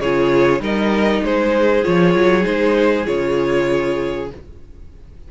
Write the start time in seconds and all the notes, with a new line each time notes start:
0.00 C#3 F4 G#4 C#5
0.60 G3 D#4 A#4 D#5
1.23 G#3 G#4 C5
1.83 F3 F4 C#5
2.15 F#3
2.42 G#3 D#4 C5
3.06 C#3 F4 C#5